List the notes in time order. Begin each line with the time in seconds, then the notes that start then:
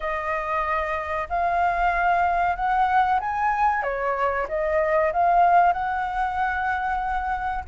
0.00 D#5
1.29 F5
2.55 F#5
3.19 G#5
3.83 C#5
4.48 D#5
5.12 F5
5.72 F#5